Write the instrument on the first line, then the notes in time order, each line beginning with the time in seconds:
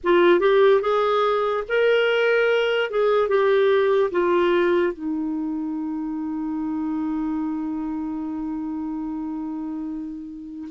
clarinet
0.03 F4
0.40 G4
0.81 G#4
1.68 A#4
2.90 G#4
3.28 G4
4.11 F4
4.93 D#4